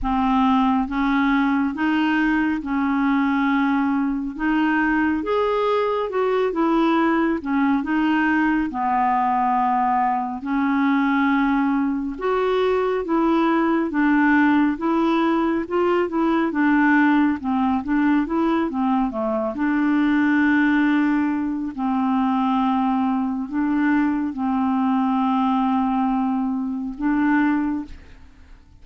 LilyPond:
\new Staff \with { instrumentName = "clarinet" } { \time 4/4 \tempo 4 = 69 c'4 cis'4 dis'4 cis'4~ | cis'4 dis'4 gis'4 fis'8 e'8~ | e'8 cis'8 dis'4 b2 | cis'2 fis'4 e'4 |
d'4 e'4 f'8 e'8 d'4 | c'8 d'8 e'8 c'8 a8 d'4.~ | d'4 c'2 d'4 | c'2. d'4 | }